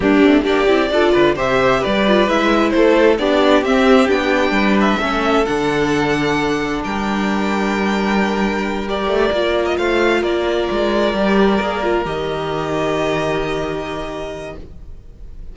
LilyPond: <<
  \new Staff \with { instrumentName = "violin" } { \time 4/4 \tempo 4 = 132 g'4 d''2 e''4 | d''4 e''4 c''4 d''4 | e''4 g''4. e''4. | fis''2. g''4~ |
g''2.~ g''8 d''8~ | d''4~ d''16 dis''16 f''4 d''4.~ | d''2~ d''8 dis''4.~ | dis''1 | }
  \new Staff \with { instrumentName = "violin" } { \time 4/4 d'4 g'4 a'8 b'8 c''4 | b'2 a'4 g'4~ | g'2 b'4 a'4~ | a'2. ais'4~ |
ais'1~ | ais'4. c''4 ais'4.~ | ais'1~ | ais'1 | }
  \new Staff \with { instrumentName = "viola" } { \time 4/4 ais8 c'8 d'8 e'8 f'4 g'4~ | g'8 f'8 e'2 d'4 | c'4 d'2 cis'4 | d'1~ |
d'2.~ d'8 g'8~ | g'8 f'2.~ f'8~ | f'8 g'4 gis'8 f'8 g'4.~ | g'1 | }
  \new Staff \with { instrumentName = "cello" } { \time 4/4 g8 a8 ais8 c'8 d'8 d8 c4 | g4 gis4 a4 b4 | c'4 b4 g4 a4 | d2. g4~ |
g1 | a8 ais4 a4 ais4 gis8~ | gis8 g4 ais4 dis4.~ | dis1 | }
>>